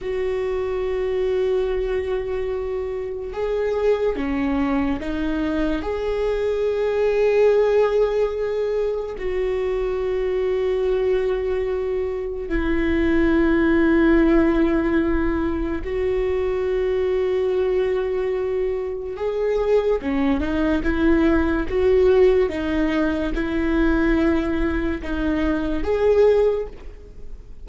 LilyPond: \new Staff \with { instrumentName = "viola" } { \time 4/4 \tempo 4 = 72 fis'1 | gis'4 cis'4 dis'4 gis'4~ | gis'2. fis'4~ | fis'2. e'4~ |
e'2. fis'4~ | fis'2. gis'4 | cis'8 dis'8 e'4 fis'4 dis'4 | e'2 dis'4 gis'4 | }